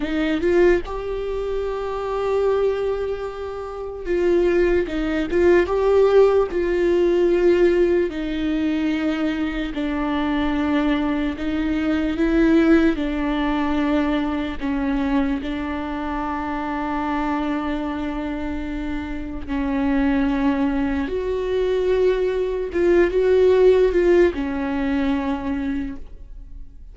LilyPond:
\new Staff \with { instrumentName = "viola" } { \time 4/4 \tempo 4 = 74 dis'8 f'8 g'2.~ | g'4 f'4 dis'8 f'8 g'4 | f'2 dis'2 | d'2 dis'4 e'4 |
d'2 cis'4 d'4~ | d'1 | cis'2 fis'2 | f'8 fis'4 f'8 cis'2 | }